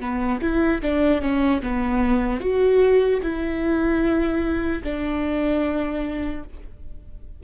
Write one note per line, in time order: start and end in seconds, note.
0.00 0.40 B3
0.41 0.81 E4
0.82 1.21 D4
1.21 1.61 C#4
1.62 2.40 B3
2.40 3.20 F#4
3.23 4.83 E4
4.84 6.44 D4